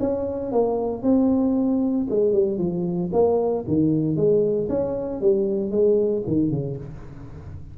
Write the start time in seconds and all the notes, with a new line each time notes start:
0.00 C#4
0.52 A#3
1.03 C4
2.10 G#3
2.33 G3
2.58 F3
3.13 A#3
3.68 D#3
4.16 G#3
4.69 C#4
5.21 G3
5.71 G#3
6.27 D#3
6.51 C#3